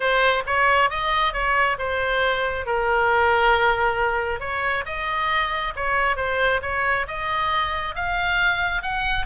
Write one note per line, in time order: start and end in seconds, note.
0.00 0.43 C5
0.46 0.90 C#5
0.90 1.33 D#5
1.33 1.77 C#5
1.78 2.66 C5
2.66 4.40 A#4
4.40 4.84 C#5
4.85 5.73 D#5
5.76 6.16 C#5
6.16 6.60 C5
6.62 7.06 C#5
7.07 7.95 D#5
7.95 8.82 F5
8.82 9.26 F#5